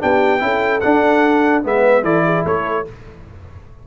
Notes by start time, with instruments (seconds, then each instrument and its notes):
0.00 tuba B3, trombone D4, horn G4, trumpet G5
0.40 tuba C#4, trombone E4, horn A4
0.81 trombone D4, tuba D4, trumpet F#5
1.64 tuba G#3, trombone B3, horn B4, trumpet E5
2.03 tuba E3, trombone E4, horn A4, trumpet D5
2.26 horn G#4
2.45 tuba A3, horn A4, trumpet C#5